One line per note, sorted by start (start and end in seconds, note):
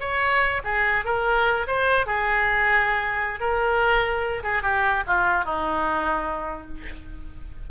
0.00 0.62 C#5
0.64 1.05 G#4
1.05 1.66 A#4
1.67 2.06 C5
2.06 3.40 G#4
3.40 4.43 A#4
4.43 4.62 G#4
4.62 5.03 G4
5.07 5.45 F4
5.45 6.68 D#4